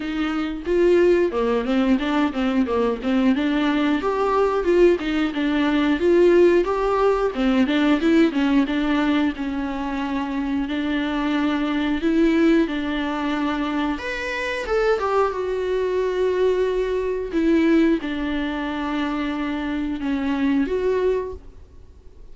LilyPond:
\new Staff \with { instrumentName = "viola" } { \time 4/4 \tempo 4 = 90 dis'4 f'4 ais8 c'8 d'8 c'8 | ais8 c'8 d'4 g'4 f'8 dis'8 | d'4 f'4 g'4 c'8 d'8 | e'8 cis'8 d'4 cis'2 |
d'2 e'4 d'4~ | d'4 b'4 a'8 g'8 fis'4~ | fis'2 e'4 d'4~ | d'2 cis'4 fis'4 | }